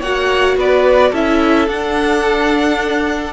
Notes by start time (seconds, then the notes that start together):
0.00 A#3 F#4 C#5 F#5
0.57 B3 B4 D5
1.11 C#4 E4 A4 E5
1.68 D4 F#5